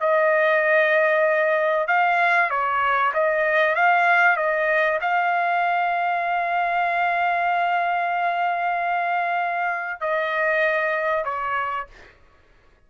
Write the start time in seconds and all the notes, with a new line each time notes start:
0.00 D#5
1.87 F5
2.50 C#5
3.14 D#5
3.75 F5
4.37 D#5
5.01 F5
10.00 D#5
11.24 C#5